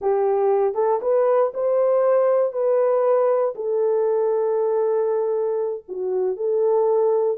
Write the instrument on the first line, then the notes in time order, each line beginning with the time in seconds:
horn
0.01 G4
0.74 A4
1.01 B4
1.54 C5
2.52 B4
3.55 A4
5.88 F#4
6.36 A4